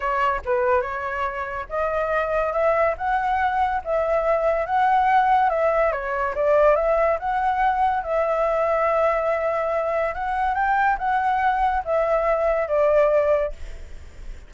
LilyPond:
\new Staff \with { instrumentName = "flute" } { \time 4/4 \tempo 4 = 142 cis''4 b'4 cis''2 | dis''2 e''4 fis''4~ | fis''4 e''2 fis''4~ | fis''4 e''4 cis''4 d''4 |
e''4 fis''2 e''4~ | e''1 | fis''4 g''4 fis''2 | e''2 d''2 | }